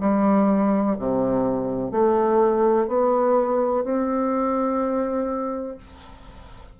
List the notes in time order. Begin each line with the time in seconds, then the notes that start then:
0.00 G3
0.99 C3
1.91 A3
2.88 B3
3.84 C4